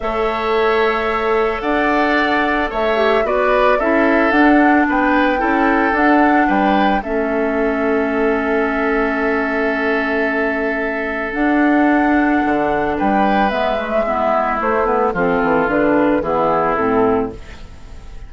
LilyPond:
<<
  \new Staff \with { instrumentName = "flute" } { \time 4/4 \tempo 4 = 111 e''2. fis''4~ | fis''4 e''4 d''4 e''4 | fis''4 g''2 fis''4 | g''4 e''2.~ |
e''1~ | e''4 fis''2. | g''4 e''2 c''8 b'8 | a'4 b'4 gis'4 a'4 | }
  \new Staff \with { instrumentName = "oboe" } { \time 4/4 cis''2. d''4~ | d''4 cis''4 b'4 a'4~ | a'4 b'4 a'2 | b'4 a'2.~ |
a'1~ | a'1 | b'2 e'2 | f'2 e'2 | }
  \new Staff \with { instrumentName = "clarinet" } { \time 4/4 a'1~ | a'4. g'8 fis'4 e'4 | d'2 e'4 d'4~ | d'4 cis'2.~ |
cis'1~ | cis'4 d'2.~ | d'4 b8 a8 b4 a8 b8 | c'4 d'4 b4 c'4 | }
  \new Staff \with { instrumentName = "bassoon" } { \time 4/4 a2. d'4~ | d'4 a4 b4 cis'4 | d'4 b4 cis'4 d'4 | g4 a2.~ |
a1~ | a4 d'2 d4 | g4 gis2 a4 | f8 e8 d4 e4 a,4 | }
>>